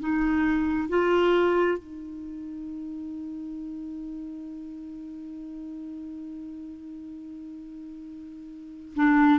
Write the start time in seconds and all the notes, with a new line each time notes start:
0.00 D#4
0.89 F4
1.78 D#4
8.95 D4